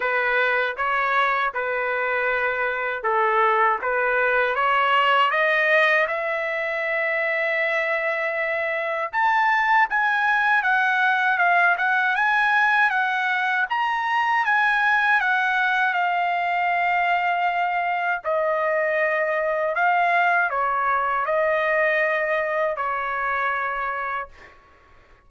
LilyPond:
\new Staff \with { instrumentName = "trumpet" } { \time 4/4 \tempo 4 = 79 b'4 cis''4 b'2 | a'4 b'4 cis''4 dis''4 | e''1 | a''4 gis''4 fis''4 f''8 fis''8 |
gis''4 fis''4 ais''4 gis''4 | fis''4 f''2. | dis''2 f''4 cis''4 | dis''2 cis''2 | }